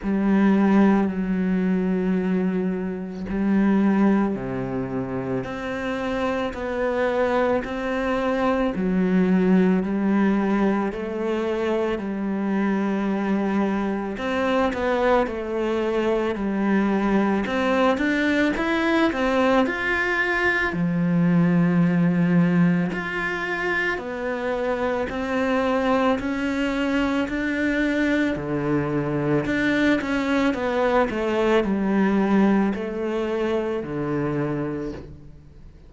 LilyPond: \new Staff \with { instrumentName = "cello" } { \time 4/4 \tempo 4 = 55 g4 fis2 g4 | c4 c'4 b4 c'4 | fis4 g4 a4 g4~ | g4 c'8 b8 a4 g4 |
c'8 d'8 e'8 c'8 f'4 f4~ | f4 f'4 b4 c'4 | cis'4 d'4 d4 d'8 cis'8 | b8 a8 g4 a4 d4 | }